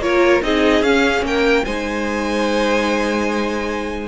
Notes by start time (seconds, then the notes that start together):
0.00 A#3 F4 A#4 C#5
0.42 C4 D#4 G#4 D#5
0.81 C#4 F5
1.22 A#3 A#4 G5
1.65 G#3 D#4 C5 G#5